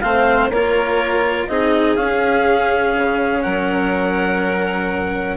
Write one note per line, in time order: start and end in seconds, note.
0.00 0.49 A3
0.00 0.51 C4
0.00 0.51 C5
0.00 0.49 F5
0.49 1.47 A#3
0.49 1.48 F4
0.49 1.49 A#4
0.49 1.47 C#5
1.47 1.96 C4
1.47 1.97 D#4
1.47 3.42 G#4
1.47 1.95 D#5
1.95 2.94 C#4
1.95 5.36 C#4
1.95 3.41 F5
2.95 3.44 C#3
3.41 5.36 F#3
3.41 5.36 A#4
3.41 5.36 F#5